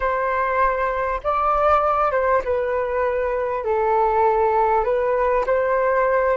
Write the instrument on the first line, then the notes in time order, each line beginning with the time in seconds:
flute
0.00 C5
1.23 D5
2.11 C5
2.44 B4
3.64 A4
4.84 B4
5.46 C5